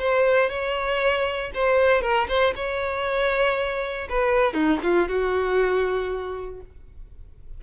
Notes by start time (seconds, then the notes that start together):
0.00 C5
0.50 C#5
1.55 C5
2.02 A#4
2.29 C5
2.56 C#5
4.10 B4
4.54 D#4
4.83 F4
5.09 F#4